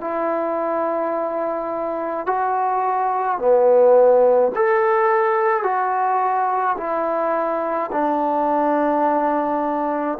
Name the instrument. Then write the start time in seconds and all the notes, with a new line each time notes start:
trombone
0.00 E4
2.26 F#4
3.39 B3
4.55 A4
5.63 F#4
6.77 E4
7.92 D4